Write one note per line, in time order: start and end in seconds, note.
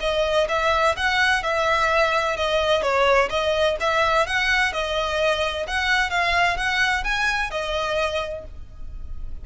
0.00 0.47 D#5
0.48 0.95 E5
0.96 1.43 F#5
1.43 2.36 E5
2.36 2.82 D#5
2.82 3.29 C#5
3.29 3.76 D#5
3.80 4.26 E5
4.26 4.72 F#5
4.72 5.66 D#5
5.67 6.10 F#5
6.10 6.56 F5
6.56 7.03 F#5
7.04 7.50 G#5
7.50 8.44 D#5